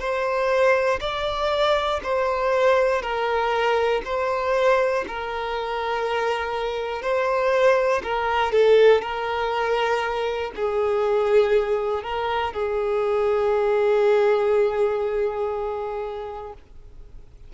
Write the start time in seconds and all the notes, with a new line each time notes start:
0.00 C5
1.00 D5
2.03 C5
3.03 A#4
4.05 C5
5.08 A#4
7.03 C5
8.04 A#4
8.53 A4
9.02 A#4
10.56 G#4
12.03 A#4
12.54 G#4